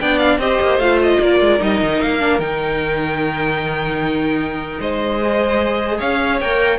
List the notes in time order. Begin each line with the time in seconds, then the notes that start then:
0.00 B3 D4 D5 G5
0.18 F5
0.38 C4 G4 C5 D#5
0.61 A#3
0.78 A3 F4 F5
1.02 D#5
1.20 A#3 A#4 D5
1.40 G#3
1.59 G3 D#4 D#5
1.81 D#3
2.00 A#3 F5
2.19 D4
2.38 D#3 D#4 G5
4.79 G#3 C5 D#5
5.22 G#4
5.98 C#4 C#5 F5
6.40 A#3 A#4 G5